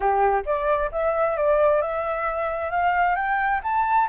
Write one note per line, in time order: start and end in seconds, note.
0.00 0.42 G4
0.45 0.90 D5
0.91 1.36 E5
1.37 1.81 D5
1.81 2.70 E5
2.70 3.15 F5
3.15 3.60 G5
3.63 4.08 A5